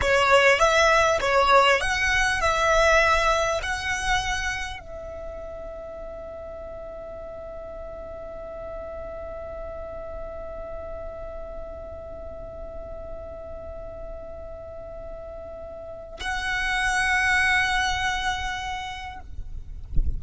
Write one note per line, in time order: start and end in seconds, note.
0.01 0.59 C#5
0.59 1.19 E5
1.20 1.80 C#5
1.81 2.40 F#5
2.40 3.60 E5
3.62 4.79 F#5
4.79 16.19 E5
16.20 19.20 F#5